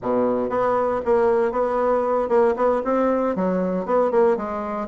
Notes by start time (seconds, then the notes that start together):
0.02 B2
0.49 B3
1.05 A#3
1.51 B3
2.28 A#3
2.56 B3
2.84 C4
3.35 F#3
3.85 B3
4.11 A#3
4.36 G#3